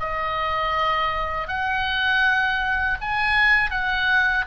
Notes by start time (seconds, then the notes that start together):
0.00 D#5
1.48 F#5
3.01 G#5
3.71 F#5